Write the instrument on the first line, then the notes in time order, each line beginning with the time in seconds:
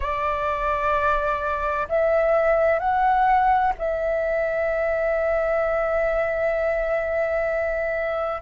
flute
0.00 D5
1.88 E5
2.79 F#5
3.78 E5